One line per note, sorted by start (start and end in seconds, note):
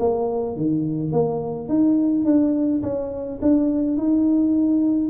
0.00 0.57 A#3
0.57 1.12 D#3
1.12 1.69 A#3
1.69 2.25 D#4
2.25 2.83 D4
2.83 3.40 C#4
3.42 3.98 D4
3.98 5.10 D#4